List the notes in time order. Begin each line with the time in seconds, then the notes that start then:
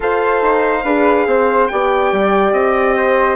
0.00 F4 A4 C5 F5
0.42 D#4
0.84 D4 G#4 B4
1.26 C4 C5
1.67 B3 G4 D5 G5
2.11 G3
2.52 C4 D#5
2.96 C5